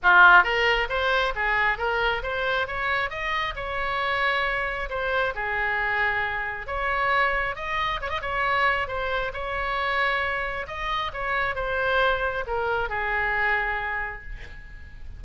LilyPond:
\new Staff \with { instrumentName = "oboe" } { \time 4/4 \tempo 4 = 135 f'4 ais'4 c''4 gis'4 | ais'4 c''4 cis''4 dis''4 | cis''2. c''4 | gis'2. cis''4~ |
cis''4 dis''4 cis''16 dis''16 cis''4. | c''4 cis''2. | dis''4 cis''4 c''2 | ais'4 gis'2. | }